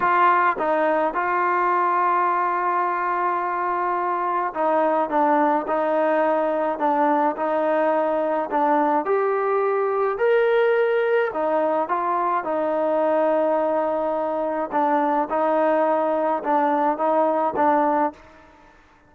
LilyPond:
\new Staff \with { instrumentName = "trombone" } { \time 4/4 \tempo 4 = 106 f'4 dis'4 f'2~ | f'1 | dis'4 d'4 dis'2 | d'4 dis'2 d'4 |
g'2 ais'2 | dis'4 f'4 dis'2~ | dis'2 d'4 dis'4~ | dis'4 d'4 dis'4 d'4 | }